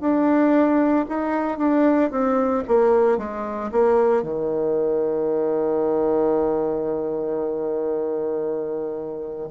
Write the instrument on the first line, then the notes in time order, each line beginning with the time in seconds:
bassoon
0.00 D4
1.09 D#4
1.58 D4
2.11 C4
2.68 A#3
3.18 G#3
3.72 A#3
4.22 D#3